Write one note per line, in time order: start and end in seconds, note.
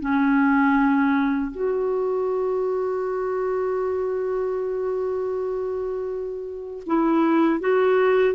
0.00 1.52 C#4
1.52 6.83 F#4
6.86 7.60 E4
7.60 8.34 F#4